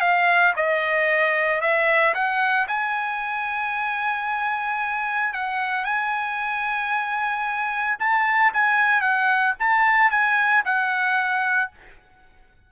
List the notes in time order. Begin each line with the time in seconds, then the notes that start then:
0.00 F5
0.56 D#5
1.60 E5
2.14 F#5
2.67 G#5
5.33 F#5
5.84 G#5
7.99 A5
8.53 G#5
9.00 F#5
9.59 A5
10.10 G#5
10.64 F#5